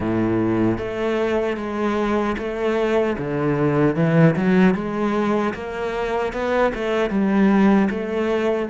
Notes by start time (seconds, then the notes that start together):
0.00 A2
0.78 A3
1.56 G#3
2.38 A3
3.18 D3
3.95 E3
4.36 F#3
4.74 G#3
5.54 A#3
6.32 B3
6.74 A3
7.09 G3
7.89 A3